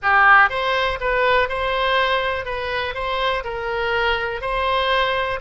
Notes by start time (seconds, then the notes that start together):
0.02 G4
0.49 C5
1.00 B4
1.48 C5
2.45 B4
2.94 C5
3.43 A#4
4.41 C5